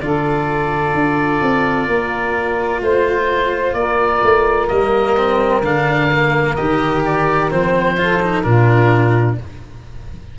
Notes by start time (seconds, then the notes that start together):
0.00 D3 F4 A4 D5
0.94 D4
1.42 C4
1.87 A#3 A#4
2.81 A3 C5
3.73 A#3 A#4 D5
4.22 A3
4.67 G3 A#3 D#5
5.16 C4
5.61 D3 D4 F5
6.11 A#3
6.55 D#3 G4 D#5
7.04 D5
7.50 F3 C4 C5
7.97 F4 A4
8.22 D#4
8.42 A#2 D4 F4 A#4